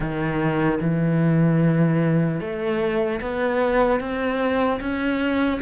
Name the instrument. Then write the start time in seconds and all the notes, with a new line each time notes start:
cello
0.00 D#3
0.80 E3
2.40 A3
3.21 B3
4.00 C4
4.80 C#4